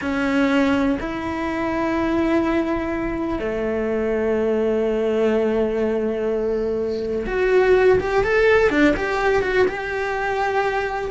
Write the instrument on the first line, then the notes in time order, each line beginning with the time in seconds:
cello
0.01 C#4
1.00 E4
3.39 A3
7.26 F#4
7.99 G4
8.24 A4
8.70 D4
8.96 G4
9.42 F#4
9.67 G4